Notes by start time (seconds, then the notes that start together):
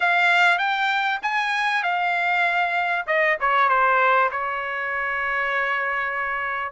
0.00 F5
0.58 G5
1.22 G#5
1.83 F5
3.06 D#5
3.40 C#5
3.68 C5
4.31 C#5